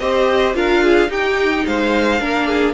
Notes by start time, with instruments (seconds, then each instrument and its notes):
0.00 cello C4, viola G4, violin C5 D#5
0.54 cello D4, viola F4, violin A#4 F5
0.84 violin G#4
1.09 cello D#4, viola D#4, violin G4 G5
1.67 cello G#3, violin C5 F5
2.20 cello A#3, viola D4, violin A#4
2.48 violin G#4